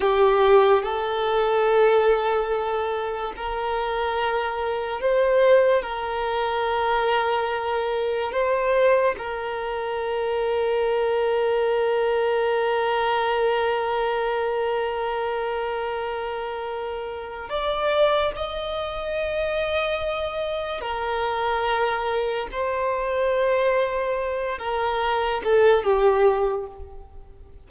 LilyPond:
\new Staff \with { instrumentName = "violin" } { \time 4/4 \tempo 4 = 72 g'4 a'2. | ais'2 c''4 ais'4~ | ais'2 c''4 ais'4~ | ais'1~ |
ais'1~ | ais'4 d''4 dis''2~ | dis''4 ais'2 c''4~ | c''4. ais'4 a'8 g'4 | }